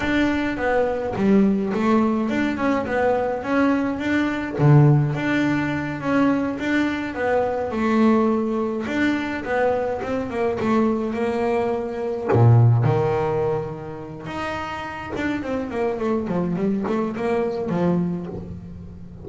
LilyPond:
\new Staff \with { instrumentName = "double bass" } { \time 4/4 \tempo 4 = 105 d'4 b4 g4 a4 | d'8 cis'8 b4 cis'4 d'4 | d4 d'4. cis'4 d'8~ | d'8 b4 a2 d'8~ |
d'8 b4 c'8 ais8 a4 ais8~ | ais4. ais,4 dis4.~ | dis4 dis'4. d'8 c'8 ais8 | a8 f8 g8 a8 ais4 f4 | }